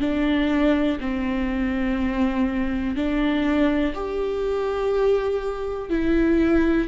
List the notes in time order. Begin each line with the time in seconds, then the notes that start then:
0.00 D4
1.00 C4
2.96 D4
3.94 G4
5.89 E4